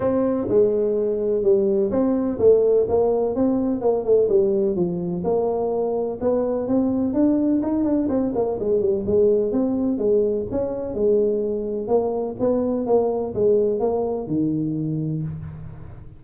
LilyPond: \new Staff \with { instrumentName = "tuba" } { \time 4/4 \tempo 4 = 126 c'4 gis2 g4 | c'4 a4 ais4 c'4 | ais8 a8 g4 f4 ais4~ | ais4 b4 c'4 d'4 |
dis'8 d'8 c'8 ais8 gis8 g8 gis4 | c'4 gis4 cis'4 gis4~ | gis4 ais4 b4 ais4 | gis4 ais4 dis2 | }